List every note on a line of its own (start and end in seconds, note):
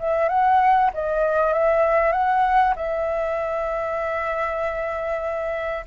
0.00 0.29 E5
0.29 0.91 F#5
0.94 1.54 D#5
1.54 2.13 E5
2.13 2.75 F#5
2.76 5.86 E5